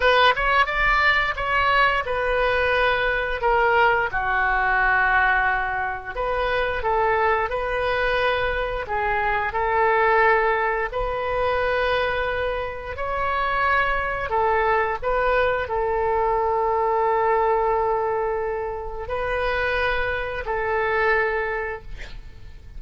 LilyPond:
\new Staff \with { instrumentName = "oboe" } { \time 4/4 \tempo 4 = 88 b'8 cis''8 d''4 cis''4 b'4~ | b'4 ais'4 fis'2~ | fis'4 b'4 a'4 b'4~ | b'4 gis'4 a'2 |
b'2. cis''4~ | cis''4 a'4 b'4 a'4~ | a'1 | b'2 a'2 | }